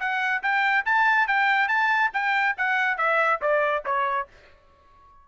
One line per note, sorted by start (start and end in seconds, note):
0.00 0.43 F#5
0.43 0.85 G5
0.86 1.28 A5
1.28 1.68 G5
1.68 2.11 A5
2.14 2.56 G5
2.57 2.98 F#5
2.98 3.40 E5
3.41 3.84 D5
3.85 4.28 C#5